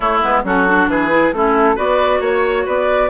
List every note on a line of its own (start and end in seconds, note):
0.00 0.22 A3
0.00 0.42 E4
0.00 0.21 C#5
0.22 0.43 G#3
0.22 0.44 B3
0.22 0.45 B4
0.43 0.87 F#3
0.43 0.67 C#4
0.43 0.90 F#4
0.43 0.89 A4
0.67 1.10 D4
0.87 1.32 E3
0.87 1.34 G#4
0.87 1.33 B4
1.10 1.32 E4
1.32 1.76 A3
1.32 1.75 C#4
1.32 1.75 E4
1.32 1.77 A4
1.75 2.20 B3
1.75 3.09 F#4
1.75 2.20 B4
1.75 2.22 D5
2.20 2.64 A#3
2.20 2.65 C#5
2.20 2.67 C#5
2.65 3.09 B3
2.65 3.09 B4
2.65 3.09 D5